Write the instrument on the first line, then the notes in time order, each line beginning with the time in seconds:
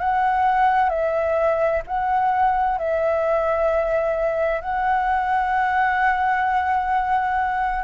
flute
0.00 F#5
0.89 E5
1.87 F#5
2.79 E5
4.61 F#5